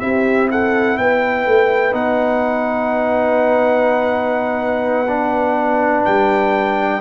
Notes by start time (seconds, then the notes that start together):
0.00 C4 E4 G4 E5
0.51 A4 F#5
0.98 B3 B4 G5
1.46 A3
1.92 B3 D#4 F#5
5.08 D4
6.05 G3 G5